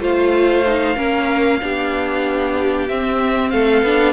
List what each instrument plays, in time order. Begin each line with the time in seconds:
0.00 cello A3, viola F4, violin C5 F5
0.67 viola D#4
0.96 cello A#3, viola C#4, violin A#4
1.62 cello B3, viola D4, violin G4
2.88 viola C4, cello C4, violin E5
3.51 cello A3, violin A4 F5
3.83 cello B3, viola D4